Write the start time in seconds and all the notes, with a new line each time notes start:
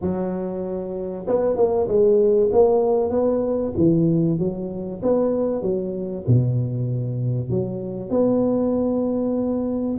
0.01 F#3
1.27 B3
1.56 A#3
1.88 G#3
2.52 A#3
3.10 B3
3.77 E3
4.38 F#3
5.02 B3
5.62 F#3
6.27 B2
7.50 F#3
8.10 B3